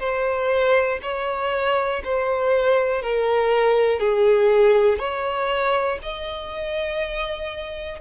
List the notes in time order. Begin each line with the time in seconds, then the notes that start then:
0.00 C5
1.03 C#5
2.05 C5
3.02 A#4
4.00 G#4
5.00 C#5
6.03 D#5